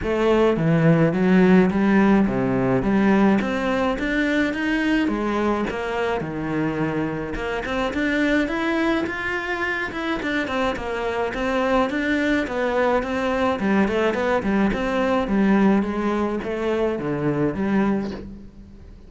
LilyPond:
\new Staff \with { instrumentName = "cello" } { \time 4/4 \tempo 4 = 106 a4 e4 fis4 g4 | c4 g4 c'4 d'4 | dis'4 gis4 ais4 dis4~ | dis4 ais8 c'8 d'4 e'4 |
f'4. e'8 d'8 c'8 ais4 | c'4 d'4 b4 c'4 | g8 a8 b8 g8 c'4 g4 | gis4 a4 d4 g4 | }